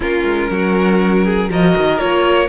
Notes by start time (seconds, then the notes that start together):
0.00 A#3 C#4 F4 A#4
0.23 G#3
0.50 F#3 F#4
1.24 G#4
1.49 F3 F#4 A#4 D#5
1.76 D#3
1.97 A#3 F4 C#5